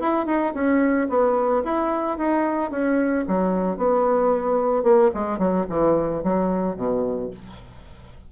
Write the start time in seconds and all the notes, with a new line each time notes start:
0.00 E4
0.26 D#4
0.54 C#4
1.09 B3
1.64 E4
2.18 D#4
2.71 C#4
3.28 F#3
3.77 B3
4.84 A#3
5.14 G#3
5.39 F#3
5.70 E3
6.23 F#3
6.76 B2